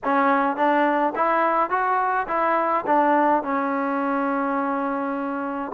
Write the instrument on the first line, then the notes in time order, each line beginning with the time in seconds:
trombone
0.03 C#4
0.56 D4
1.15 E4
1.69 F#4
2.27 E4
2.86 D4
3.43 C#4